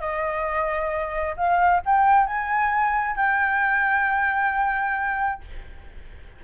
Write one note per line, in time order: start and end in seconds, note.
0.00 1.35 D#5
1.36 1.81 F5
1.85 2.26 G5
2.26 3.16 G#5
3.16 5.41 G5